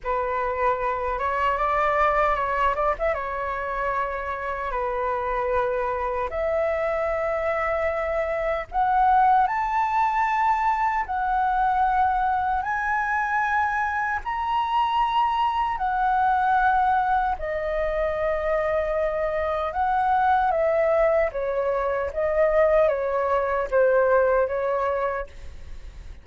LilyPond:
\new Staff \with { instrumentName = "flute" } { \time 4/4 \tempo 4 = 76 b'4. cis''8 d''4 cis''8 d''16 e''16 | cis''2 b'2 | e''2. fis''4 | a''2 fis''2 |
gis''2 ais''2 | fis''2 dis''2~ | dis''4 fis''4 e''4 cis''4 | dis''4 cis''4 c''4 cis''4 | }